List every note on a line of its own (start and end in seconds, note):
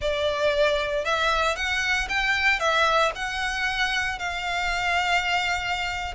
0.01 1.05 D5
1.05 1.55 E5
1.55 2.08 F#5
2.08 2.59 G5
2.59 3.11 E5
3.15 4.18 F#5
4.18 6.14 F5